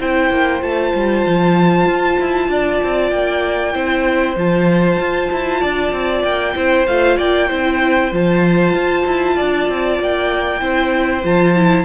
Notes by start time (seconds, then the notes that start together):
0.00 C4 E4 C5 G5
0.31 A#3
0.61 A3 F4 A5
0.95 G3
1.27 F3
1.86 F4
2.21 E4
2.49 D4 D5
2.84 C4
3.10 A#3 G5
3.74 C4 E4 C5
4.36 F3 F4 A5
4.99 F4
5.33 E4
5.61 D4 D5
5.93 C4
6.24 A#3 G5
6.55 C4 E4 C5
6.87 A3 F4 F5
7.17 A#3 D5 G5
7.48 C4 E4 C5
8.12 F3 F4 A5
8.74 F4
9.06 E4
9.36 D4 D5
9.69 C4
10.00 A#3 G5
10.60 C4 E4 C5
11.24 F3 F4 A5
11.56 E4